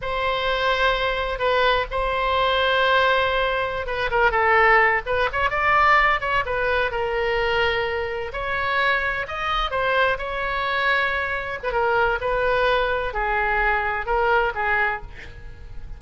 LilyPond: \new Staff \with { instrumentName = "oboe" } { \time 4/4 \tempo 4 = 128 c''2. b'4 | c''1~ | c''16 b'8 ais'8 a'4. b'8 cis''8 d''16~ | d''4~ d''16 cis''8 b'4 ais'4~ ais'16~ |
ais'4.~ ais'16 cis''2 dis''16~ | dis''8. c''4 cis''2~ cis''16~ | cis''8. b'16 ais'4 b'2 | gis'2 ais'4 gis'4 | }